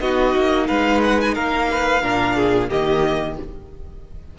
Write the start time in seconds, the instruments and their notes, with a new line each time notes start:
0.00 cello B3, viola D#4, violin F#4 D#5
0.36 cello A#3
0.68 cello G#3, violin B4 F5
1.04 violin F#5
1.21 violin G#5
1.35 cello A#3, violin A#4 F5
1.71 violin B4
2.03 cello A#2, viola D4, violin A#4
2.36 violin G#4
2.69 cello D#3, viola A#3, violin G4 D#5